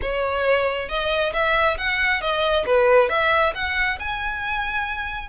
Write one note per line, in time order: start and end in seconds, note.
0.01 0.88 C#5
0.88 1.32 D#5
1.33 1.77 E5
1.77 2.21 F#5
2.21 2.65 D#5
2.66 3.09 B4
3.09 3.53 E5
3.54 3.98 F#5
3.99 5.28 G#5